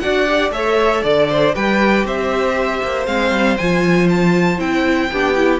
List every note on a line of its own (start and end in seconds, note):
0.00 0.51 D4
0.00 0.28 F#4
0.00 0.54 D5
0.00 0.51 F#5
0.28 0.53 G4
0.51 1.02 A3
0.51 1.54 A4
0.51 1.02 C#5
0.51 1.03 E5
1.02 1.55 D3
1.02 1.27 D5
1.02 1.56 D5
1.30 1.55 C5
1.55 2.05 G3
1.55 3.07 G4
1.55 2.06 B4
1.55 2.06 G5
2.05 2.81 C4
2.05 5.11 C5
2.05 3.07 E5
2.83 3.07 A#3
3.07 3.31 G#3
3.07 3.58 C4
3.07 3.57 F5
3.31 3.57 G3
3.58 4.60 F3
3.58 4.58 F4
3.58 4.08 G#5
4.10 4.60 A5
4.58 5.11 C4
4.58 5.09 E4
4.58 5.60 G5
5.12 5.60 B3
5.12 5.36 D4
5.12 5.60 G4
5.36 5.60 E4